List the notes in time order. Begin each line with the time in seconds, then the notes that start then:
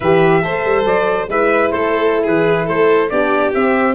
0.00 E3 G4 B4 E5
0.43 A3 A4 C5
0.65 G3
0.84 F#3 D5
1.28 G#3 E4 B4 E5
1.71 A3 A4 C5
2.23 E3 G#4 B4
2.66 A3 A4 C5
3.09 B3 D4 G4 D5
3.54 C4 E5